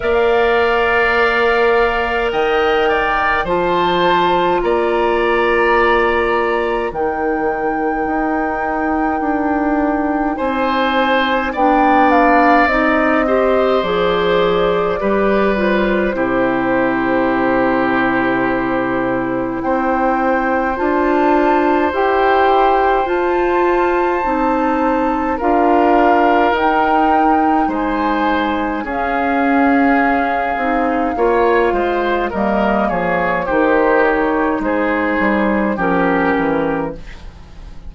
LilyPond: <<
  \new Staff \with { instrumentName = "flute" } { \time 4/4 \tempo 4 = 52 f''2 g''4 a''4 | ais''2 g''2~ | g''4 gis''4 g''8 f''8 dis''4 | d''4. c''2~ c''8~ |
c''4 g''4 a''4 g''4 | a''2 f''4 g''4 | gis''4 f''2. | dis''8 cis''8 c''8 cis''8 c''4 ais'4 | }
  \new Staff \with { instrumentName = "oboe" } { \time 4/4 d''2 dis''8 d''8 c''4 | d''2 ais'2~ | ais'4 c''4 d''4. c''8~ | c''4 b'4 g'2~ |
g'4 c''2.~ | c''2 ais'2 | c''4 gis'2 cis''8 c''8 | ais'8 gis'8 g'4 gis'4 g'4 | }
  \new Staff \with { instrumentName = "clarinet" } { \time 4/4 ais'2. f'4~ | f'2 dis'2~ | dis'2 d'4 dis'8 g'8 | gis'4 g'8 f'8 e'2~ |
e'2 f'4 g'4 | f'4 dis'4 f'4 dis'4~ | dis'4 cis'4. dis'8 f'4 | ais4 dis'2 cis'4 | }
  \new Staff \with { instrumentName = "bassoon" } { \time 4/4 ais2 dis4 f4 | ais2 dis4 dis'4 | d'4 c'4 b4 c'4 | f4 g4 c2~ |
c4 c'4 d'4 e'4 | f'4 c'4 d'4 dis'4 | gis4 cis'4. c'8 ais8 gis8 | g8 f8 dis4 gis8 g8 f8 e8 | }
>>